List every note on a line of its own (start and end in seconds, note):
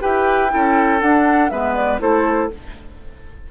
0.00 0.54 E4
0.00 0.49 G4
0.00 0.52 B4
0.00 1.01 G5
0.49 1.02 C#4
0.49 0.99 E4
0.49 1.52 A4
1.01 1.52 D4
1.01 1.51 D4
1.01 1.50 F#5
1.50 2.01 G#3
1.50 2.00 B3
1.50 2.02 B4
1.50 1.75 E5
1.75 2.00 D5
2.00 2.51 A3
2.00 2.50 E4
2.00 2.52 A4
2.00 2.51 C5